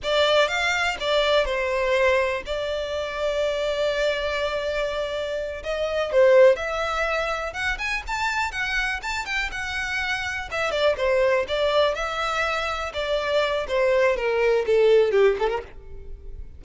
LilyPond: \new Staff \with { instrumentName = "violin" } { \time 4/4 \tempo 4 = 123 d''4 f''4 d''4 c''4~ | c''4 d''2.~ | d''2.~ d''8 dis''8~ | dis''8 c''4 e''2 fis''8 |
gis''8 a''4 fis''4 a''8 g''8 fis''8~ | fis''4. e''8 d''8 c''4 d''8~ | d''8 e''2 d''4. | c''4 ais'4 a'4 g'8 a'16 ais'16 | }